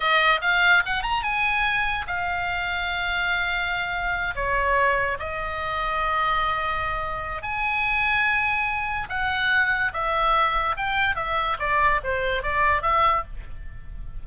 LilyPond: \new Staff \with { instrumentName = "oboe" } { \time 4/4 \tempo 4 = 145 dis''4 f''4 fis''8 ais''8 gis''4~ | gis''4 f''2.~ | f''2~ f''8 cis''4.~ | cis''8 dis''2.~ dis''8~ |
dis''2 gis''2~ | gis''2 fis''2 | e''2 g''4 e''4 | d''4 c''4 d''4 e''4 | }